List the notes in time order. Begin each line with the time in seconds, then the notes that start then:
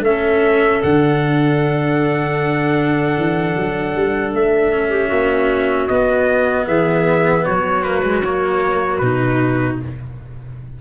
0.00 A3 C#4 A4 E5
0.82 D3 D4 F#5
3.17 E3
3.56 F#3
3.95 G3
4.33 A3 E5
4.72 C#4
4.89 G4
5.08 A#3 F#4
5.88 B3 D#5
6.66 E3 G#4 E5
7.45 F#3 F#4 C#5
7.83 A#3 B4
8.03 G#3
8.24 A#3 C#5
8.98 B2 D#4 B4